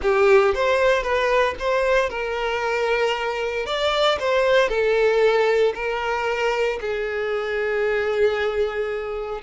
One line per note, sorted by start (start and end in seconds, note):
0.02 0.54 G4
0.54 1.02 C5
1.02 1.54 B4
1.59 2.09 C5
2.09 3.65 A#4
3.66 4.18 D5
4.19 4.68 C5
4.68 5.72 A4
5.74 6.79 A#4
6.80 9.41 G#4